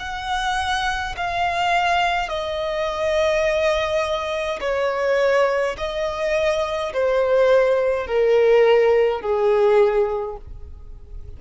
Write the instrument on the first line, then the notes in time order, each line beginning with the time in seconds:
violin
0.00 F#5
1.17 F5
2.29 D#5
4.60 C#5
5.78 D#5
6.93 C5
8.07 A#4
9.22 G#4